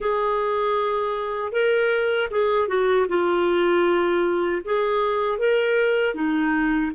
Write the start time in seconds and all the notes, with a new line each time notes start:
0.00 G#4
1.52 A#4
2.30 G#4
2.68 F#4
3.08 F4
4.64 G#4
5.38 A#4
6.14 D#4